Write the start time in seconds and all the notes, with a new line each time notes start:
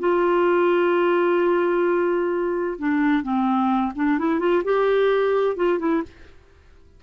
0.00 F4
2.79 D4
3.23 C4
3.96 D4
4.19 E4
4.40 F4
4.65 G4
5.56 F4
5.80 E4